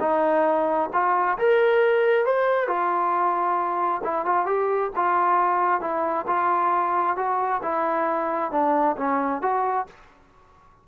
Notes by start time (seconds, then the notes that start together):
0.00 D#4
0.93 F4
1.38 A#4
2.26 C5
2.67 F4
4.04 E4
4.25 F4
4.46 G4
4.95 F4
5.81 E4
6.27 F4
7.16 F#4
7.62 E4
8.51 D4
8.97 C#4
9.42 F#4